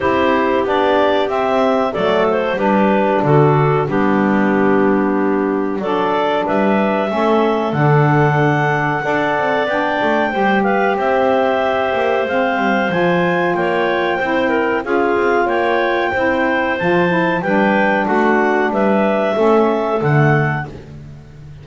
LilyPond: <<
  \new Staff \with { instrumentName = "clarinet" } { \time 4/4 \tempo 4 = 93 c''4 d''4 e''4 d''8 c''8 | b'4 a'4 g'2~ | g'4 d''4 e''2 | fis''2. g''4~ |
g''8 f''8 e''2 f''4 | gis''4 g''2 f''4 | g''2 a''4 g''4 | fis''4 e''2 fis''4 | }
  \new Staff \with { instrumentName = "clarinet" } { \time 4/4 g'2. a'4 | g'4 fis'4 d'2~ | d'4 a'4 b'4 a'4~ | a'2 d''2 |
c''8 b'8 c''2.~ | c''4 cis''4 c''8 ais'8 gis'4 | cis''4 c''2 b'4 | fis'4 b'4 a'2 | }
  \new Staff \with { instrumentName = "saxophone" } { \time 4/4 e'4 d'4 c'4 a4 | d'2 b2~ | b4 d'2 cis'4 | d'2 a'4 d'4 |
g'2. c'4 | f'2 e'4 f'4~ | f'4 e'4 f'8 e'8 d'4~ | d'2 cis'4 a4 | }
  \new Staff \with { instrumentName = "double bass" } { \time 4/4 c'4 b4 c'4 fis4 | g4 d4 g2~ | g4 fis4 g4 a4 | d2 d'8 c'8 b8 a8 |
g4 c'4. ais8 gis8 g8 | f4 ais4 c'4 cis'8 c'8 | ais4 c'4 f4 g4 | a4 g4 a4 d4 | }
>>